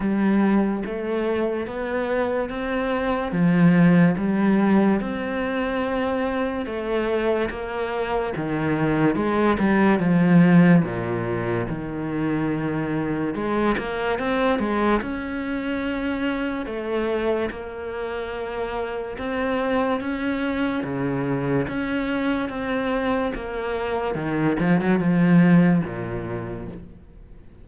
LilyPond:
\new Staff \with { instrumentName = "cello" } { \time 4/4 \tempo 4 = 72 g4 a4 b4 c'4 | f4 g4 c'2 | a4 ais4 dis4 gis8 g8 | f4 ais,4 dis2 |
gis8 ais8 c'8 gis8 cis'2 | a4 ais2 c'4 | cis'4 cis4 cis'4 c'4 | ais4 dis8 f16 fis16 f4 ais,4 | }